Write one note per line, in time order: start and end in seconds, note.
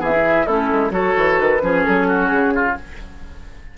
0.00 0.46 E3
0.00 0.12 B3
0.00 0.46 G#4
0.00 0.47 E5
0.12 0.46 E4
0.46 0.71 A3
0.46 0.91 C#4
0.46 0.92 E4
0.46 0.92 A4
0.73 0.91 G#3
0.91 1.14 F#3
0.91 1.60 F#4
0.91 1.62 A4
0.91 1.39 C#5
1.17 1.40 E3
1.39 1.63 D#3
1.39 1.84 B4
1.61 1.86 F3
1.61 2.76 C#4
1.61 2.08 G#4
1.84 2.31 F#3
1.84 2.28 A4
2.08 2.54 F#4
2.28 2.77 C#3
2.28 2.73 G#4
2.55 2.78 F4